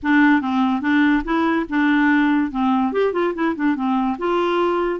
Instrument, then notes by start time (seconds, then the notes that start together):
clarinet
0.02 D4
0.41 C4
0.81 D4
1.24 E4
1.69 D4
2.51 C4
2.92 G4
3.12 F4
3.34 E4
3.55 D4
3.75 C4
4.18 F4